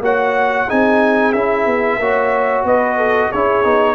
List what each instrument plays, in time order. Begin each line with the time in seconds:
0.00 tuba A#3, trombone F#4, horn C#5, trumpet F#5
0.67 tuba C4, trombone D#4, horn G#4, trumpet G#5
1.32 tuba C#4, trombone E4, trumpet E5
1.66 tuba B3
1.98 tuba A#3, trombone F#4, horn C#5
2.64 tuba B3, horn B4, trumpet D#5
2.98 horn A4
3.30 tuba C#4, trombone E4, horn G#4, trumpet C#5
3.64 tuba B3, trombone D#4